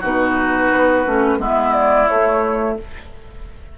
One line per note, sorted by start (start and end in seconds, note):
0.00 0.71 B2
0.00 1.06 D#4
0.00 1.38 F#4
0.00 1.41 B4
0.71 1.05 B3
1.06 1.38 A3
1.06 1.38 C#4
1.38 2.07 G#3
1.38 2.07 B3
1.38 2.78 E4
1.38 1.73 E5
1.73 2.07 D5
2.08 2.78 A3
2.08 2.77 C#5